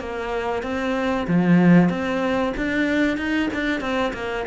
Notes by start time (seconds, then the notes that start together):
0.00 A#3
0.63 C4
1.28 F3
1.89 C4
2.57 D4
3.17 D#4
3.54 D4
3.81 C4
4.13 A#3